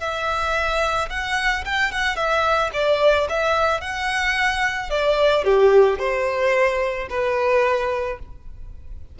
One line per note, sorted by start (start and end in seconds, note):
0.00 1.09 E5
1.10 1.64 F#5
1.65 1.92 G5
1.92 2.16 F#5
2.16 2.70 E5
2.73 3.28 D5
3.29 3.81 E5
3.81 4.90 F#5
4.90 5.44 D5
5.44 5.99 G4
5.99 7.08 C5
7.10 8.19 B4